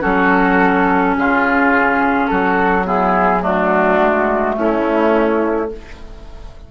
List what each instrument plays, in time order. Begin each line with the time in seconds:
0.00 bassoon F#3, clarinet C#4, oboe F#4, flute A4
1.17 bassoon C#3, oboe F4, flute G#4
2.27 bassoon F#3, oboe F#4, flute A4
2.83 clarinet B3, oboe E4, flute G#4
3.40 clarinet A3, oboe D4, flute F#4
4.00 bassoon G#3
4.57 bassoon A3, oboe C#4, flute E4